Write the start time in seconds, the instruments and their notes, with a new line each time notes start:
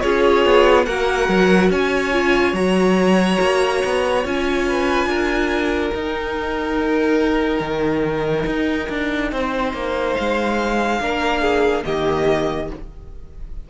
0.00 cello C#4, viola F4, violin G#4 C#5
0.45 cello B3
0.86 cello A#3, viola F#4, violin A#4 F#5
1.28 cello F#3
1.70 cello C#4, violin C#5 G#5
2.12 viola F4
2.53 cello F#3, viola F#4, violin A#5
3.41 cello A#3
3.84 cello B3
4.24 cello C#4, viola F4, violin G#5
4.68 violin B4
5.06 cello D4, violin A#4
5.94 cello D#4, viola D#4, violin G5
7.60 cello D#3
8.46 cello D#4
8.89 cello D4
9.32 cello C4, violin C5
9.73 cello A#3
10.14 cello G#3, violin F5
11.00 cello A#3, viola D4, violin A#4
11.41 violin G#4
11.84 cello D#3, viola A#3, violin G4 D#5